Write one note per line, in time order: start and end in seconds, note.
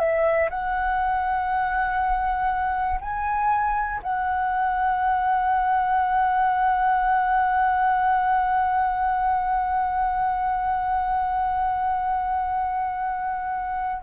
0.00 0.50 E5
0.51 3.01 F#5
3.01 4.01 G#5
4.03 14.03 F#5